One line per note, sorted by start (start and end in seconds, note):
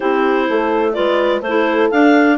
0.00 0.49 C4
0.00 0.93 E4
0.00 0.48 G4
0.00 0.93 C5
0.49 0.97 A3
0.49 0.95 A4
0.93 1.41 G#3
0.93 1.41 F4
0.93 1.43 B4
0.93 1.41 D5
1.41 1.89 A3
1.41 2.37 A4
1.41 1.90 C5
1.48 1.92 E4
1.90 2.37 D4
1.90 2.37 F5